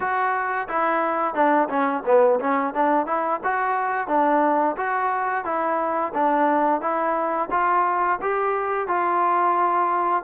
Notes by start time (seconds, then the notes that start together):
0.00 F#4
0.68 E4
1.34 D4
1.69 C#4
2.05 B3
2.40 C#4
2.74 D4
3.06 E4
3.43 F#4
4.07 D4
4.76 F#4
5.44 E4
6.14 D4
6.81 E4
7.51 F4
8.21 G4
8.87 F4